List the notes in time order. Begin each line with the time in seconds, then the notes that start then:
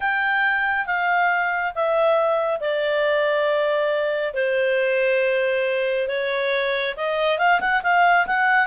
0.00 G5
0.86 F5
1.74 E5
2.60 D5
4.34 C5
6.08 C#5
6.96 D#5
7.38 F5
7.60 F#5
7.83 F5
8.26 F#5